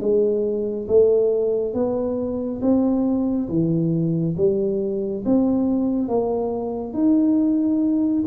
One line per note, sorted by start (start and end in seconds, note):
0.00 0.87 G#3
0.88 1.73 A3
1.73 2.60 B3
2.61 3.48 C4
3.49 4.36 E3
4.37 5.24 G3
5.25 6.08 C4
6.08 6.93 A#3
6.93 8.23 D#4